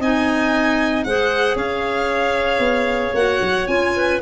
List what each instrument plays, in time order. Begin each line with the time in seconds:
0.00 tuba C4, clarinet D#4 D#5, violin G#5
1.04 tuba G#3, clarinet G#4 C5, violin F#5
1.56 tuba C#4, clarinet C#5, violin F5
2.60 tuba B3
3.14 tuba A#3, clarinet F#4, violin F#5
3.42 tuba F#3
3.67 tuba C#4, clarinet F4, violin G#5
3.96 clarinet B4